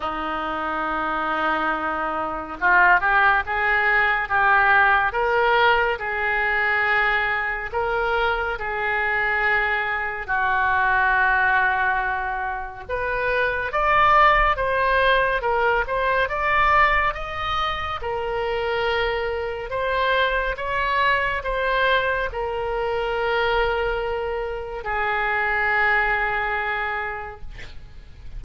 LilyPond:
\new Staff \with { instrumentName = "oboe" } { \time 4/4 \tempo 4 = 70 dis'2. f'8 g'8 | gis'4 g'4 ais'4 gis'4~ | gis'4 ais'4 gis'2 | fis'2. b'4 |
d''4 c''4 ais'8 c''8 d''4 | dis''4 ais'2 c''4 | cis''4 c''4 ais'2~ | ais'4 gis'2. | }